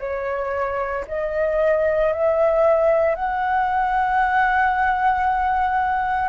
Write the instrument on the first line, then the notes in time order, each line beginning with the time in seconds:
flute
0.00 C#5
1.08 D#5
2.13 E5
3.15 F#5